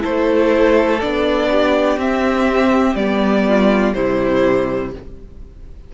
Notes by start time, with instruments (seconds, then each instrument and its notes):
0.00 cello A3, viola E4, violin A4 C5
1.00 cello B3, viola D4, violin D5
1.51 violin G4
1.97 cello C4, viola C4, violin E5
2.95 cello G3, viola B3, violin D5
3.48 violin F4
3.94 cello C3, viola G3, violin E4 C5